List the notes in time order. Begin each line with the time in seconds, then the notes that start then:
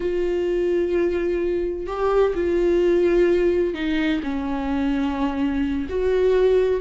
0.00 F4
1.86 G4
2.34 F4
3.74 D#4
4.23 C#4
5.89 F#4